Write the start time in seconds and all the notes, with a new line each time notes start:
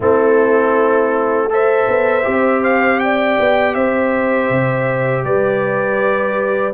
0.00 A3 C4 E4 A4
1.49 A4 C5 E5
1.88 B3
2.23 C4 G4
2.63 F5
2.99 D5 G5
3.39 B3
3.74 C4 C5 E5
4.49 C3
5.24 G3 B4 D5